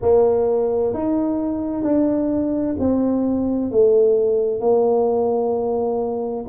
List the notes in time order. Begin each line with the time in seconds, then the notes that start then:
0.01 A#3
0.93 D#4
1.83 D4
2.79 C4
3.71 A3
4.60 A#3